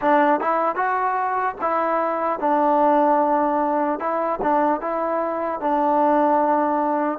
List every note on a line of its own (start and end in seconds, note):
0.01 0.40 D4
0.40 0.75 E4
0.75 1.55 F#4
1.61 2.39 E4
2.39 3.99 D4
3.99 4.39 E4
4.41 4.80 D4
4.80 5.60 E4
5.60 7.19 D4